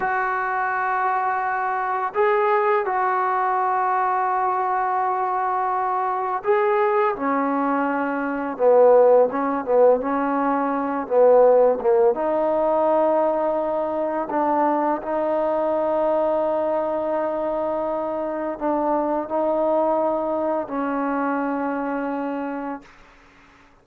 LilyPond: \new Staff \with { instrumentName = "trombone" } { \time 4/4 \tempo 4 = 84 fis'2. gis'4 | fis'1~ | fis'4 gis'4 cis'2 | b4 cis'8 b8 cis'4. b8~ |
b8 ais8 dis'2. | d'4 dis'2.~ | dis'2 d'4 dis'4~ | dis'4 cis'2. | }